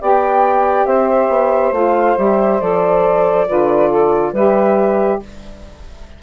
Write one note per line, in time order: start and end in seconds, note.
0.00 0.85 B3
0.00 1.72 G4
0.00 0.86 D5
0.00 0.86 G5
0.85 1.28 C4
0.85 3.47 C5
0.85 1.73 E5
1.28 1.71 B3
1.71 2.15 A3
1.71 2.16 F4
1.71 2.17 F5
2.16 2.61 G3
2.16 2.60 G4
2.16 2.61 E5
2.60 3.47 F3
2.60 3.47 A4
2.60 4.34 D5
3.47 4.32 D3
3.47 4.34 F4
3.47 3.89 B4
3.89 4.32 A4
4.32 5.19 G3
4.32 5.22 G4
4.32 5.19 B4
4.32 5.21 E5